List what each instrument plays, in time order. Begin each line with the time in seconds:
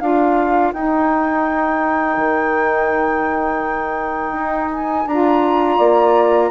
0.00 bassoon D4, saxophone F4, horn A#4, flute F5
0.73 bassoon D#4, saxophone D#4, flute G5
2.17 bassoon D#3
4.33 bassoon D#4
4.71 flute G#5
5.07 bassoon D4, saxophone F4, flute A#5
5.77 bassoon A#3, horn D5